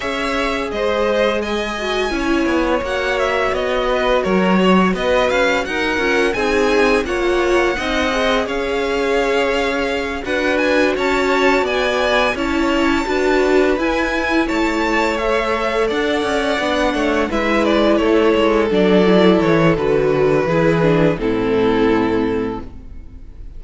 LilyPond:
<<
  \new Staff \with { instrumentName = "violin" } { \time 4/4 \tempo 4 = 85 e''4 dis''4 gis''2 | fis''8 e''8 dis''4 cis''4 dis''8 f''8 | fis''4 gis''4 fis''2 | f''2~ f''8 fis''8 gis''8 a''8~ |
a''8 gis''4 a''2 gis''8~ | gis''8 a''4 e''4 fis''4.~ | fis''8 e''8 d''8 cis''4 d''4 cis''8 | b'2 a'2 | }
  \new Staff \with { instrumentName = "violin" } { \time 4/4 cis''4 c''4 dis''4 cis''4~ | cis''4. b'8 ais'8 cis''8 b'4 | ais'4 gis'4 cis''4 dis''4 | cis''2~ cis''8 b'4 cis''8~ |
cis''8 d''4 cis''4 b'4.~ | b'8 cis''2 d''4. | cis''8 b'4 a'2~ a'8~ | a'4 gis'4 e'2 | }
  \new Staff \with { instrumentName = "viola" } { \time 4/4 gis'2~ gis'8 fis'8 e'4 | fis'1~ | fis'8 f'8 dis'4 f'4 dis'8 gis'8~ | gis'2~ gis'8 fis'4.~ |
fis'4. e'4 fis'4 e'8~ | e'4. a'2 d'8~ | d'8 e'2 d'8 e'4 | fis'4 e'8 d'8 c'2 | }
  \new Staff \with { instrumentName = "cello" } { \time 4/4 cis'4 gis2 cis'8 b8 | ais4 b4 fis4 b8 cis'8 | dis'8 cis'8 c'4 ais4 c'4 | cis'2~ cis'8 d'4 cis'8~ |
cis'8 b4 cis'4 d'4 e'8~ | e'8 a2 d'8 cis'8 b8 | a8 gis4 a8 gis8 fis4 e8 | d4 e4 a,2 | }
>>